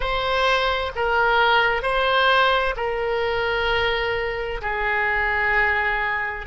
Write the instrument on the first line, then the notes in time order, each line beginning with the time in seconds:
oboe
0.00 C5
0.95 A#4
1.82 C5
2.76 A#4
4.62 G#4